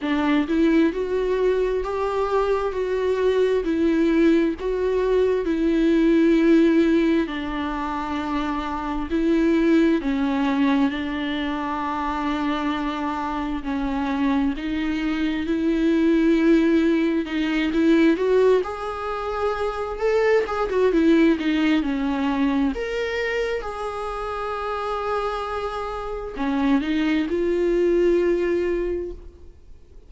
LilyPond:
\new Staff \with { instrumentName = "viola" } { \time 4/4 \tempo 4 = 66 d'8 e'8 fis'4 g'4 fis'4 | e'4 fis'4 e'2 | d'2 e'4 cis'4 | d'2. cis'4 |
dis'4 e'2 dis'8 e'8 | fis'8 gis'4. a'8 gis'16 fis'16 e'8 dis'8 | cis'4 ais'4 gis'2~ | gis'4 cis'8 dis'8 f'2 | }